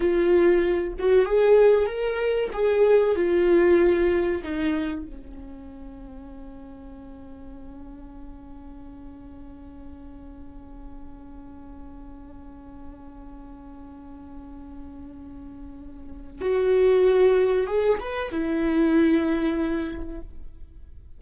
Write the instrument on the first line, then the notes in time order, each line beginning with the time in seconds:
viola
0.00 F4
0.98 F#4
1.25 G#4
1.86 A#4
2.53 G#4
3.15 F4
4.43 D#4
5.05 C#4
16.41 F#4
17.67 G#4
18.00 B4
18.31 E4